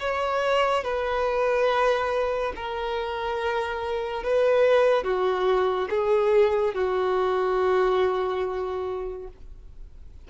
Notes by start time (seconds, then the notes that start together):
0.00 C#5
0.84 B4
2.56 A#4
4.24 B4
5.04 F#4
5.90 G#4
6.75 F#4